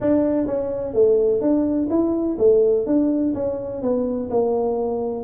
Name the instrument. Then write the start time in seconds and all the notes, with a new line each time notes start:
tuba
0.00 D4
0.46 C#4
0.93 A3
1.41 D4
1.90 E4
2.38 A3
2.86 D4
3.34 C#4
3.81 B3
4.30 A#3